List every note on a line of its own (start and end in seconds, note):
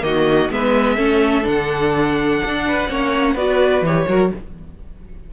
0.00 0.50 D#3
0.00 0.48 A#3
0.00 0.51 D#5
0.06 0.53 F#4
0.50 0.98 G#3
0.50 0.97 B3
0.50 0.96 B4
0.50 1.47 E5
0.96 1.46 A3
0.96 1.42 C#4
0.96 2.62 A4
1.42 2.42 D3
1.42 2.85 D4
1.42 3.37 F#5
2.45 2.89 D4
2.67 2.90 B4
2.89 3.35 A#3
2.89 3.36 C#4
2.89 3.34 C#5
3.34 3.82 B3
3.34 3.85 F#4
3.34 4.06 B4
3.34 3.84 D5
3.82 4.05 E3
3.82 4.08 G4
3.82 4.33 C#5
4.08 4.32 F#3
4.08 4.32 F#4
4.08 4.33 A#4